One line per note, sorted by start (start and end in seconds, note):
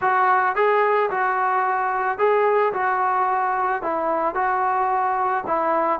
0.01 0.55 F#4
0.55 1.10 G#4
1.10 2.18 F#4
2.18 2.72 G#4
2.73 3.82 F#4
3.82 4.34 E4
4.34 5.43 F#4
5.47 5.99 E4